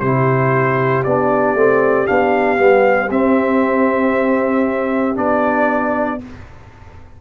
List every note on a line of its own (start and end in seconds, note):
0.00 1.05 C3
0.00 1.06 E4
0.00 6.21 G4
0.00 1.04 C5
1.04 1.55 B3
1.04 1.56 D4
1.04 2.07 D5
1.55 2.07 A3
1.55 2.07 C4
2.07 2.59 B3
2.07 2.57 D4
2.07 3.11 F5
2.57 3.11 G3
2.57 3.08 B3
3.11 5.17 C4
3.11 5.15 C4
3.11 5.18 E5
5.15 6.22 B3
5.15 6.19 D4
5.15 6.21 D5